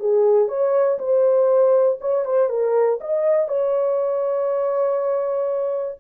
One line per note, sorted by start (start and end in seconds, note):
0.00 0.48 G#4
0.48 0.98 C#5
0.99 1.99 C5
2.01 2.25 C#5
2.25 2.50 C5
2.50 3.00 A#4
3.01 3.48 D#5
3.48 5.98 C#5